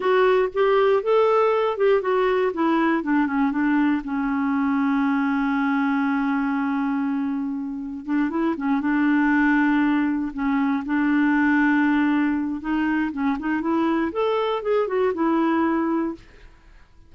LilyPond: \new Staff \with { instrumentName = "clarinet" } { \time 4/4 \tempo 4 = 119 fis'4 g'4 a'4. g'8 | fis'4 e'4 d'8 cis'8 d'4 | cis'1~ | cis'1 |
d'8 e'8 cis'8 d'2~ d'8~ | d'8 cis'4 d'2~ d'8~ | d'4 dis'4 cis'8 dis'8 e'4 | a'4 gis'8 fis'8 e'2 | }